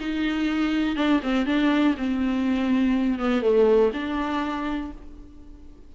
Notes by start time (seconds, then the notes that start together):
0.00 D#4
0.96 D4
1.23 C4
1.46 D4
1.98 C4
3.19 B3
3.43 A3
3.94 D4